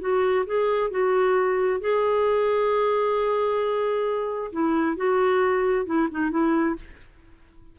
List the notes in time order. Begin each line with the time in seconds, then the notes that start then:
0.00 F#4
0.46 G#4
0.91 F#4
1.81 G#4
4.52 E4
4.96 F#4
5.86 E4
6.11 D#4
6.31 E4